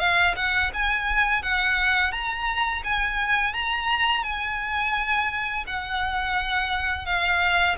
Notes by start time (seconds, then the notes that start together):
0.00 F5
0.36 F#5
0.74 G#5
1.43 F#5
2.12 A#5
2.84 G#5
3.54 A#5
4.24 G#5
5.67 F#5
7.06 F5